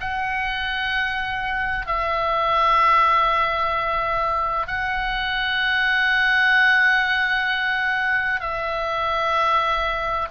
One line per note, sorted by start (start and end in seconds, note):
0.00 1.86 F#5
1.86 4.67 E5
4.67 8.40 F#5
8.40 10.27 E5